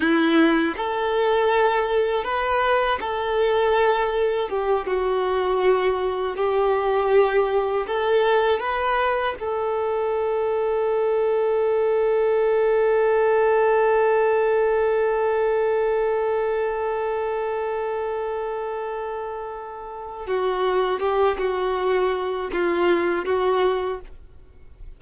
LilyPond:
\new Staff \with { instrumentName = "violin" } { \time 4/4 \tempo 4 = 80 e'4 a'2 b'4 | a'2 g'8 fis'4.~ | fis'8 g'2 a'4 b'8~ | b'8 a'2.~ a'8~ |
a'1~ | a'1~ | a'2. fis'4 | g'8 fis'4. f'4 fis'4 | }